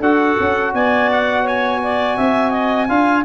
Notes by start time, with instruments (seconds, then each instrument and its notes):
0.00 tuba D4, trombone F#4, clarinet A4, trumpet F#5
0.39 tuba C#4
0.74 tuba B3, clarinet D5, trumpet G#5
1.12 trumpet F#5
1.44 clarinet C#5, trumpet G#5
1.83 clarinet D5
2.17 tuba C4, clarinet E5
2.51 clarinet D#5
2.88 tuba D4, trombone F4, clarinet F5